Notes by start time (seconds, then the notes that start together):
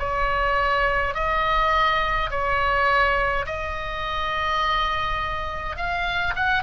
0.00 C#5
1.15 D#5
2.31 C#5
3.47 D#5
5.77 F5
6.36 F#5